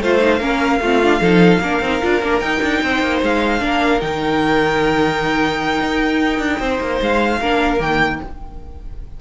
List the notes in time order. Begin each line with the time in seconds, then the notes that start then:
0.00 A3 F4 C5 F5
0.19 D#4
0.39 A#3 C#4 A#4
0.80 A3 C4 F4
1.03 D4
1.20 F3 D#4 A4
1.59 A#3 D4 A#4
1.81 C4 D#4
2.02 D4 F4
2.22 A#3 D4
2.39 D#4 G5
2.62 D4
2.83 C4 C5
3.02 A#3
3.22 G#3 F5
3.59 A#3 D4 A#4
4.00 D#3 D#4 G5
5.81 D#4
6.39 D4
6.59 C4 C5
6.81 A#3
7.01 G#3 F5
7.40 A#3 D4 A#4
7.79 D#3 A#3 G5